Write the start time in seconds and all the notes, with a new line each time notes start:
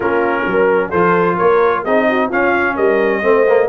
0.00 A#3 C#4 F4 A#4
0.46 F#3 A#4
0.89 F3 F4 A4 C5
1.35 A#3 A#4 C#5
1.83 C4 D#4 G#4 D#5
2.09 F#4
2.28 C#4 F4 F5
2.75 G3 A#4 D#5
3.22 A3 C4 C5
3.48 A#3